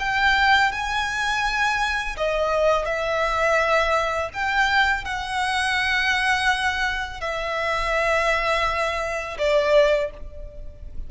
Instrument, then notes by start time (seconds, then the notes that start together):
violin
0.00 G5
0.72 G#5
2.17 D#5
2.86 E5
4.34 G5
5.05 F#5
7.21 E5
9.39 D5